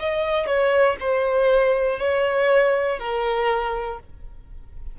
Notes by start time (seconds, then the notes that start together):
0.00 D#5
0.46 C#5
1.00 C5
2.00 C#5
3.00 A#4